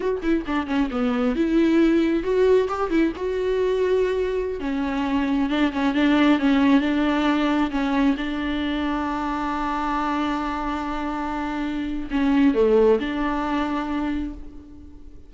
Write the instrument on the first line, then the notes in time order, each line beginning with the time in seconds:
viola
0.00 F#4
0.22 E4
0.46 D4
0.66 C#4
0.90 B3
1.35 E4
2.23 F#4
2.68 G4
2.90 E4
3.15 F#4
4.60 C#4
5.49 D4
5.72 C#4
5.94 D4
6.39 C#4
6.80 D4
7.70 C#4
8.17 D4
12.10 C#4
12.54 A3
12.99 D4